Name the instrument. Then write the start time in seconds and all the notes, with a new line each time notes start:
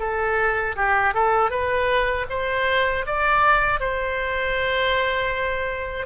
oboe
0.00 A4
0.77 G4
1.15 A4
1.51 B4
2.30 C5
3.07 D5
3.80 C5